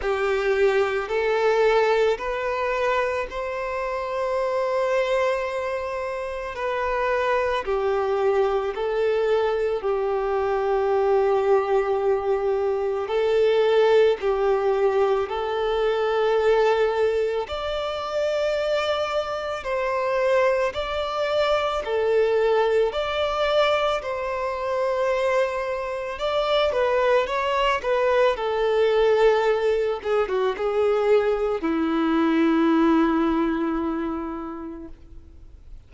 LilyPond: \new Staff \with { instrumentName = "violin" } { \time 4/4 \tempo 4 = 55 g'4 a'4 b'4 c''4~ | c''2 b'4 g'4 | a'4 g'2. | a'4 g'4 a'2 |
d''2 c''4 d''4 | a'4 d''4 c''2 | d''8 b'8 cis''8 b'8 a'4. gis'16 fis'16 | gis'4 e'2. | }